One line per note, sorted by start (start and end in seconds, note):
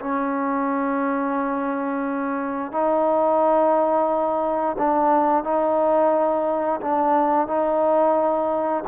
0.00 2.72 C#4
2.72 4.77 D#4
4.79 5.44 D4
5.44 6.81 D#4
6.81 7.48 D4
7.48 8.84 D#4